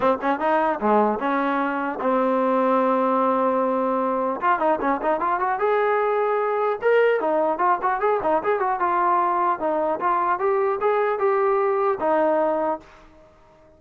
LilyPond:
\new Staff \with { instrumentName = "trombone" } { \time 4/4 \tempo 4 = 150 c'8 cis'8 dis'4 gis4 cis'4~ | cis'4 c'2.~ | c'2. f'8 dis'8 | cis'8 dis'8 f'8 fis'8 gis'2~ |
gis'4 ais'4 dis'4 f'8 fis'8 | gis'8 dis'8 gis'8 fis'8 f'2 | dis'4 f'4 g'4 gis'4 | g'2 dis'2 | }